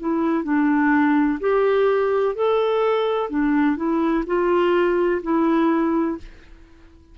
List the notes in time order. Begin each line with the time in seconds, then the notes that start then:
0.00 E4
0.44 D4
1.40 G4
2.35 A4
3.30 D4
3.77 E4
4.27 F4
5.23 E4